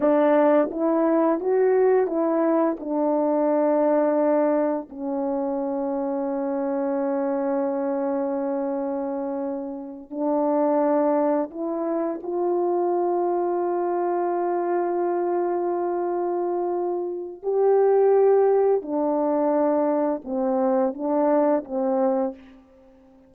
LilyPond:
\new Staff \with { instrumentName = "horn" } { \time 4/4 \tempo 4 = 86 d'4 e'4 fis'4 e'4 | d'2. cis'4~ | cis'1~ | cis'2~ cis'8 d'4.~ |
d'8 e'4 f'2~ f'8~ | f'1~ | f'4 g'2 d'4~ | d'4 c'4 d'4 c'4 | }